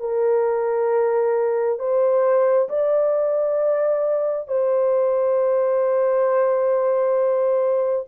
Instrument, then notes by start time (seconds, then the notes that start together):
horn
0.00 A#4
1.79 C5
2.69 D5
4.48 C5